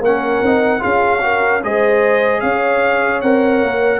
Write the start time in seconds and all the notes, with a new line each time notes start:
0.00 A#3 C#4 A#4 F#5
0.41 C4 D#4
0.79 C#4 F4 G#4 F5
1.20 F#4 A#4
1.63 G#3 G#4 C5 D#5
2.40 C#4 C#5 F5
3.21 C4 A#4 F#5
3.62 A#3